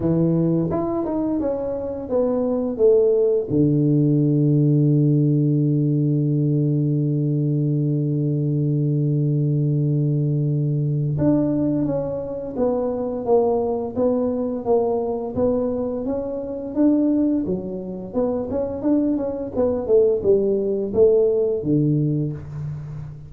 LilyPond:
\new Staff \with { instrumentName = "tuba" } { \time 4/4 \tempo 4 = 86 e4 e'8 dis'8 cis'4 b4 | a4 d2.~ | d1~ | d1 |
d'4 cis'4 b4 ais4 | b4 ais4 b4 cis'4 | d'4 fis4 b8 cis'8 d'8 cis'8 | b8 a8 g4 a4 d4 | }